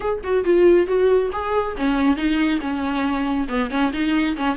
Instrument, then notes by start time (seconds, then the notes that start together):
viola
0.00 G#4
0.23 F#4
0.44 F4
0.86 F#4
1.32 G#4
1.76 C#4
2.16 D#4
2.60 C#4
3.48 B3
3.70 C#4
3.92 D#4
4.36 C#4